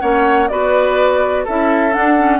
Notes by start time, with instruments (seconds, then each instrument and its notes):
0.00 bassoon A#3, clarinet C#4, oboe C#5, flute F#5
0.48 bassoon B3, clarinet F#4, oboe B4, flute D5
1.44 bassoon C#4, clarinet E4, oboe A4, flute E5
1.92 clarinet D4, bassoon D4, flute F#5
2.18 clarinet C#4